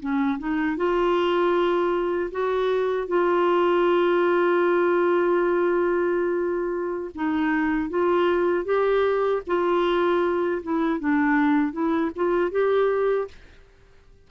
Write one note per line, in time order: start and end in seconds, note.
0.00 0.38 C#4
0.39 0.77 D#4
0.77 2.30 F4
2.31 3.07 F#4
3.07 7.11 F4
7.15 7.90 D#4
7.90 8.65 F4
8.65 9.42 G4
9.47 10.62 F4
10.63 11.00 E4
11.00 11.72 D4
11.72 12.11 E4
12.16 12.51 F4
12.51 13.28 G4